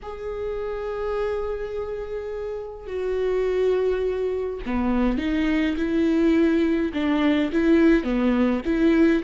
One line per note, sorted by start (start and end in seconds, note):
0.02 2.86 G#4
2.86 4.59 F#4
4.65 5.18 B3
5.18 5.75 D#4
5.76 6.92 E4
6.93 7.51 D4
7.52 8.03 E4
8.03 8.61 B3
8.65 9.23 E4